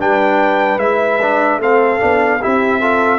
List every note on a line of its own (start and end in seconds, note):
0.00 0.77 G3
0.00 0.80 D4
0.00 1.62 B4
0.00 0.79 G5
0.77 1.58 G#3
0.77 1.20 E4
0.77 1.60 E5
1.22 1.61 D4
1.58 1.98 A3
1.58 1.99 C4
1.58 2.41 A4
1.58 2.43 F5
1.99 2.43 B3
1.99 2.40 D4
2.41 3.19 C4
2.41 2.81 E4
2.41 2.81 G4
2.41 3.19 E5
2.81 3.19 F4
2.81 3.19 A4